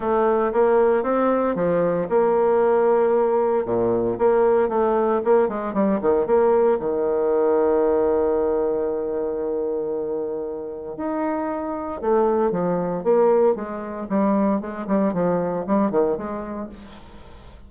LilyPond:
\new Staff \with { instrumentName = "bassoon" } { \time 4/4 \tempo 4 = 115 a4 ais4 c'4 f4 | ais2. ais,4 | ais4 a4 ais8 gis8 g8 dis8 | ais4 dis2.~ |
dis1~ | dis4 dis'2 a4 | f4 ais4 gis4 g4 | gis8 g8 f4 g8 dis8 gis4 | }